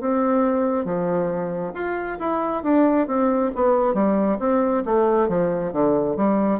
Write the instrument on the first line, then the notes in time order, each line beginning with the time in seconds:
bassoon
0.00 C4
0.84 F3
1.74 F4
2.19 E4
2.63 D4
3.07 C4
3.55 B3
3.93 G3
4.39 C4
4.85 A3
5.28 F3
5.72 D3
6.16 G3